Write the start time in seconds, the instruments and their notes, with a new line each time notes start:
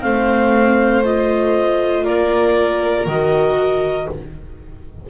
0.00 double bass A3, viola C4, violin C5, clarinet F5
1.04 viola F4, clarinet D#5
2.04 double bass A#3, violin A#4, clarinet D5
3.06 double bass D#3, viola F#4, clarinet D#5